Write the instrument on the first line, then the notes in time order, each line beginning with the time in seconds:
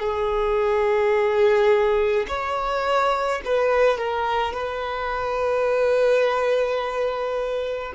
violin
0.00 G#4
2.28 C#5
3.45 B4
3.98 A#4
4.53 B4